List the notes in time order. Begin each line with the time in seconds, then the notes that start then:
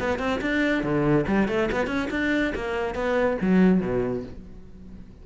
0.00 B3
0.19 C4
0.42 D4
0.84 D3
1.27 G3
1.49 A3
1.72 B3
1.87 C#4
2.11 D4
2.56 A#3
2.95 B3
3.42 F#3
3.81 B2